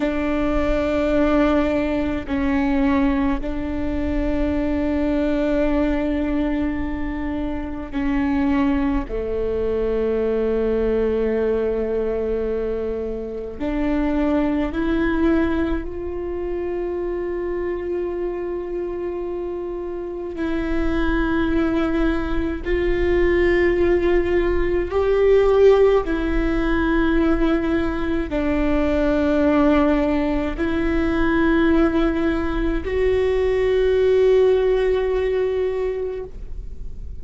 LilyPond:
\new Staff \with { instrumentName = "viola" } { \time 4/4 \tempo 4 = 53 d'2 cis'4 d'4~ | d'2. cis'4 | a1 | d'4 e'4 f'2~ |
f'2 e'2 | f'2 g'4 e'4~ | e'4 d'2 e'4~ | e'4 fis'2. | }